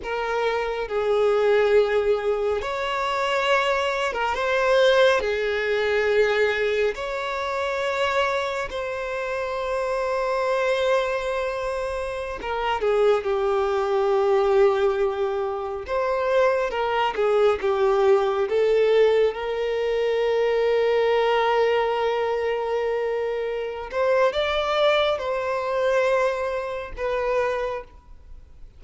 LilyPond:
\new Staff \with { instrumentName = "violin" } { \time 4/4 \tempo 4 = 69 ais'4 gis'2 cis''4~ | cis''8. ais'16 c''4 gis'2 | cis''2 c''2~ | c''2~ c''16 ais'8 gis'8 g'8.~ |
g'2~ g'16 c''4 ais'8 gis'16~ | gis'16 g'4 a'4 ais'4.~ ais'16~ | ais'2.~ ais'8 c''8 | d''4 c''2 b'4 | }